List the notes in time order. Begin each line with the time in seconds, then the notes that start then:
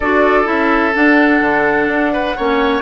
0.00 D4 F#4 A4 D5
0.44 C#4 E4 E5
0.95 D4 F#5
1.41 D3
1.87 D4
2.12 B4
2.36 A#3 C#4 C#5